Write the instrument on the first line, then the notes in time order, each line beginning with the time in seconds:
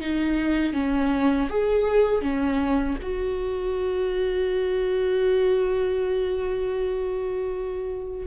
viola
0.00 D#4
0.73 C#4
1.49 G#4
2.21 C#4
3.02 F#4